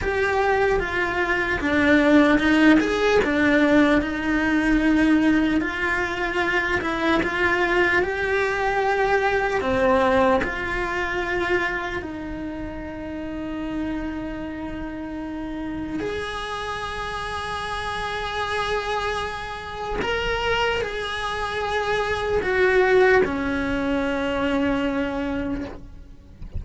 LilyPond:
\new Staff \with { instrumentName = "cello" } { \time 4/4 \tempo 4 = 75 g'4 f'4 d'4 dis'8 gis'8 | d'4 dis'2 f'4~ | f'8 e'8 f'4 g'2 | c'4 f'2 dis'4~ |
dis'1 | gis'1~ | gis'4 ais'4 gis'2 | fis'4 cis'2. | }